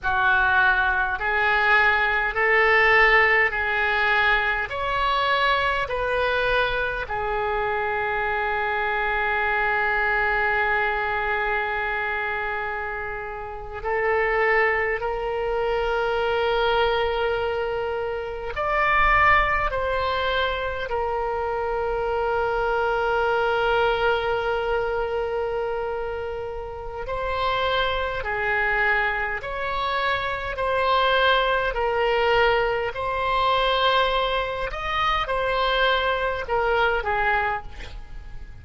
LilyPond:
\new Staff \with { instrumentName = "oboe" } { \time 4/4 \tempo 4 = 51 fis'4 gis'4 a'4 gis'4 | cis''4 b'4 gis'2~ | gis'2.~ gis'8. a'16~ | a'8. ais'2. d''16~ |
d''8. c''4 ais'2~ ais'16~ | ais'2. c''4 | gis'4 cis''4 c''4 ais'4 | c''4. dis''8 c''4 ais'8 gis'8 | }